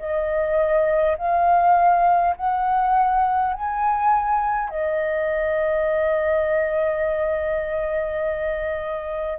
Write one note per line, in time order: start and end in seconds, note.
0.00 1.18 D#5
1.18 2.36 F5
2.37 3.54 F#5
3.54 4.70 G#5
4.70 9.39 D#5